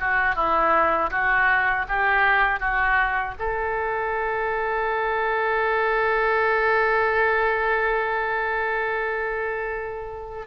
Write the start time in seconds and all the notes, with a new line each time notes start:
0.00 F#4
0.35 E4
1.11 F#4
1.89 G4
2.60 F#4
3.39 A4